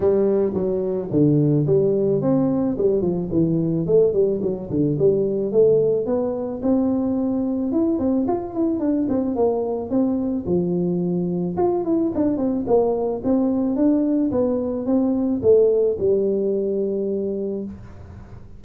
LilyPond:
\new Staff \with { instrumentName = "tuba" } { \time 4/4 \tempo 4 = 109 g4 fis4 d4 g4 | c'4 g8 f8 e4 a8 g8 | fis8 d8 g4 a4 b4 | c'2 e'8 c'8 f'8 e'8 |
d'8 c'8 ais4 c'4 f4~ | f4 f'8 e'8 d'8 c'8 ais4 | c'4 d'4 b4 c'4 | a4 g2. | }